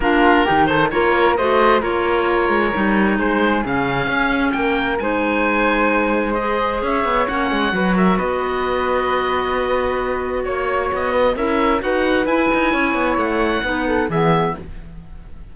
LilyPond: <<
  \new Staff \with { instrumentName = "oboe" } { \time 4/4 \tempo 4 = 132 ais'4. c''8 cis''4 dis''4 | cis''2. c''4 | f''2 g''4 gis''4~ | gis''2 dis''4 e''4 |
fis''4. e''8 dis''2~ | dis''2. cis''4 | dis''4 e''4 fis''4 gis''4~ | gis''4 fis''2 e''4 | }
  \new Staff \with { instrumentName = "flute" } { \time 4/4 f'4 g'8 a'8 ais'4 c''4 | ais'2. gis'4~ | gis'2 ais'4 c''4~ | c''2. cis''4~ |
cis''4 b'8 ais'8 b'2~ | b'2. cis''4~ | cis''8 b'8 ais'4 b'2 | cis''2 b'8 a'8 gis'4 | }
  \new Staff \with { instrumentName = "clarinet" } { \time 4/4 d'4 dis'4 f'4 fis'4 | f'2 dis'2 | cis'2. dis'4~ | dis'2 gis'2 |
cis'4 fis'2.~ | fis'1~ | fis'4 e'4 fis'4 e'4~ | e'2 dis'4 b4 | }
  \new Staff \with { instrumentName = "cello" } { \time 4/4 ais4 dis4 ais4 a4 | ais4. gis8 g4 gis4 | cis4 cis'4 ais4 gis4~ | gis2. cis'8 b8 |
ais8 gis8 fis4 b2~ | b2. ais4 | b4 cis'4 dis'4 e'8 dis'8 | cis'8 b8 a4 b4 e4 | }
>>